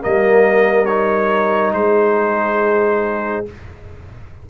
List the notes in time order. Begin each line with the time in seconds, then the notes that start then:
0.00 G3 A#3 A#4 D#5
0.85 D#4 C#5
1.73 G#3 G#4 C5